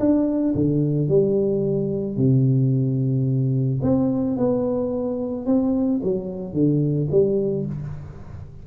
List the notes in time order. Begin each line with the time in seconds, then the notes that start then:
0.00 D4
0.55 D3
1.09 G3
2.17 C3
3.83 C4
4.37 B3
5.46 C4
6.03 F#3
6.54 D3
7.11 G3